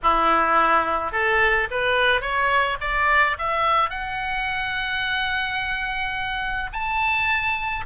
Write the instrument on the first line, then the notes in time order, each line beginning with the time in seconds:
oboe
0.02 E4
1.12 A4
1.70 B4
2.21 C#5
2.80 D5
3.38 E5
3.89 F#5
6.72 A5